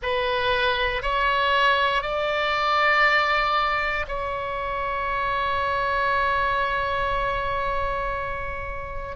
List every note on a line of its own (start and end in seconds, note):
0.02 1.02 B4
1.02 2.02 C#5
2.02 4.05 D5
4.07 9.16 C#5